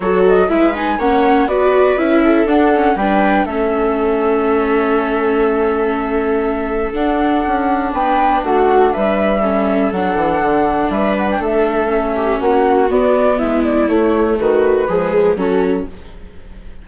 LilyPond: <<
  \new Staff \with { instrumentName = "flute" } { \time 4/4 \tempo 4 = 121 cis''8 dis''8 e''8 gis''8 fis''4 d''4 | e''4 fis''4 g''4 e''4~ | e''1~ | e''2 fis''2 |
g''4 fis''4 e''2 | fis''2 e''8 fis''16 g''16 e''4~ | e''4 fis''4 d''4 e''8 d''8 | cis''4 b'2 a'4 | }
  \new Staff \with { instrumentName = "viola" } { \time 4/4 a'4 b'4 cis''4 b'4~ | b'8 a'4. b'4 a'4~ | a'1~ | a'1 |
b'4 fis'4 b'4 a'4~ | a'2 b'4 a'4~ | a'8 g'8 fis'2 e'4~ | e'4 fis'4 gis'4 fis'4 | }
  \new Staff \with { instrumentName = "viola" } { \time 4/4 fis'4 e'8 dis'8 cis'4 fis'4 | e'4 d'8 cis'8 d'4 cis'4~ | cis'1~ | cis'2 d'2~ |
d'2. cis'4 | d'1 | cis'2 b2 | a2 gis4 cis'4 | }
  \new Staff \with { instrumentName = "bassoon" } { \time 4/4 fis4 gis4 ais4 b4 | cis'4 d'4 g4 a4~ | a1~ | a2 d'4 cis'4 |
b4 a4 g2 | fis8 e8 d4 g4 a4~ | a4 ais4 b4 gis4 | a4 dis4 f4 fis4 | }
>>